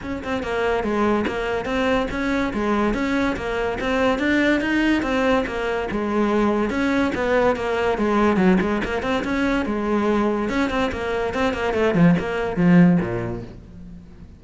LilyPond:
\new Staff \with { instrumentName = "cello" } { \time 4/4 \tempo 4 = 143 cis'8 c'8 ais4 gis4 ais4 | c'4 cis'4 gis4 cis'4 | ais4 c'4 d'4 dis'4 | c'4 ais4 gis2 |
cis'4 b4 ais4 gis4 | fis8 gis8 ais8 c'8 cis'4 gis4~ | gis4 cis'8 c'8 ais4 c'8 ais8 | a8 f8 ais4 f4 ais,4 | }